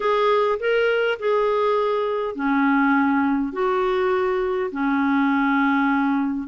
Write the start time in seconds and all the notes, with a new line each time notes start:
0.00 G#4
0.59 A#4
1.19 G#4
2.35 C#4
3.52 F#4
4.71 C#4